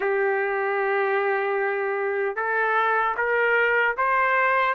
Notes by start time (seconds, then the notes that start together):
0.00 G4
2.36 A4
3.17 A#4
3.97 C5